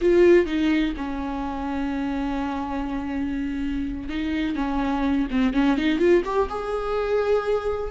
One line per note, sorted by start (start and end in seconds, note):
0.01 0.46 F4
0.46 0.94 D#4
0.96 4.08 C#4
4.08 4.55 D#4
4.55 5.27 C#4
5.30 5.53 C4
5.53 5.77 C#4
5.77 5.98 D#4
5.98 6.22 F4
6.24 6.48 G4
6.49 7.91 G#4